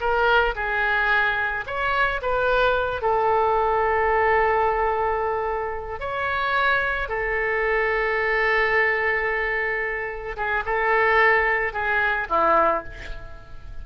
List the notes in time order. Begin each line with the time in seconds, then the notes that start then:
0.00 A#4
0.56 G#4
1.67 C#5
2.22 B4
3.02 A4
6.00 C#5
7.09 A4
10.37 G#4
10.65 A4
11.73 G#4
12.29 E4